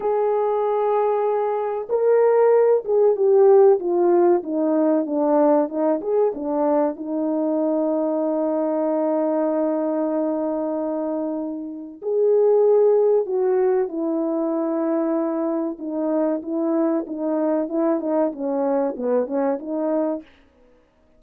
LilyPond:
\new Staff \with { instrumentName = "horn" } { \time 4/4 \tempo 4 = 95 gis'2. ais'4~ | ais'8 gis'8 g'4 f'4 dis'4 | d'4 dis'8 gis'8 d'4 dis'4~ | dis'1~ |
dis'2. gis'4~ | gis'4 fis'4 e'2~ | e'4 dis'4 e'4 dis'4 | e'8 dis'8 cis'4 b8 cis'8 dis'4 | }